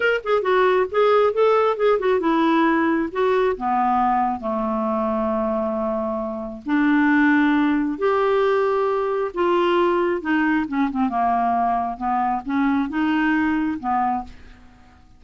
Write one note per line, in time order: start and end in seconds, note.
0.00 0.21 A#4
0.24 0.42 G#4
0.42 0.86 F#4
0.91 1.33 G#4
1.33 1.76 A4
1.76 1.98 G#4
1.99 2.20 F#4
2.20 3.09 E4
3.12 3.56 F#4
3.57 4.40 B3
4.40 6.62 A3
6.65 7.98 D4
7.98 9.31 G4
9.34 10.21 F4
10.21 10.65 D#4
10.67 10.90 C#4
10.90 11.09 C4
11.09 11.97 A#3
11.97 12.41 B3
12.45 12.89 C#4
12.89 13.78 D#4
13.79 14.23 B3